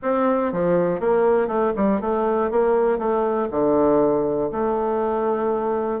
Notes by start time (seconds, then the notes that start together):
0.02 C4
0.52 F3
1.00 A#3
1.47 A3
1.76 G3
2.00 A3
2.50 A#3
2.98 A3
3.50 D3
4.51 A3